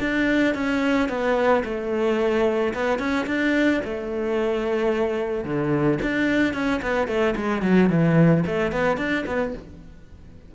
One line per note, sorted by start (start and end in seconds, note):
0.00 0.55 D4
0.55 1.09 C#4
1.09 1.64 B3
1.65 2.74 A3
2.74 2.99 B3
2.99 3.26 C#4
3.27 3.81 D4
3.85 5.45 A3
5.45 5.99 D3
6.02 6.54 D4
6.54 6.81 C#4
6.82 7.08 B3
7.08 7.35 A3
7.36 7.62 G#3
7.62 7.90 F#3
7.90 8.44 E3
8.46 8.72 A3
8.72 8.97 B3
8.97 9.25 D4
9.27 9.54 B3